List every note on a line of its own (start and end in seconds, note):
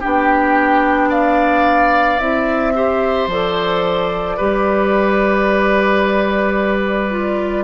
0.00 2.20 B3
0.00 2.19 D4
0.00 1.09 G4
0.00 1.11 G5
1.09 2.73 D5
1.09 2.19 F5
2.19 3.27 C4
2.19 2.74 E4
2.19 3.28 E5
2.75 3.29 G4
2.75 4.37 C5
3.27 4.36 F3
3.27 4.39 A4
3.27 7.64 D5
4.37 7.64 G3
4.37 7.10 G4
4.37 7.64 B4
7.10 7.64 F4